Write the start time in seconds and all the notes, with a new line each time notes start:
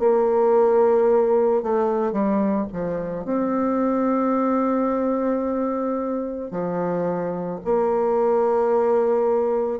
0.00 A#3
1.63 A3
2.13 G3
2.73 F3
3.25 C4
6.51 F3
7.65 A#3